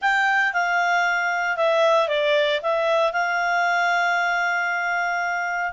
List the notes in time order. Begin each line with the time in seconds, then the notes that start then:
0.01 G5
0.53 F5
1.56 E5
2.08 D5
2.62 E5
3.13 F5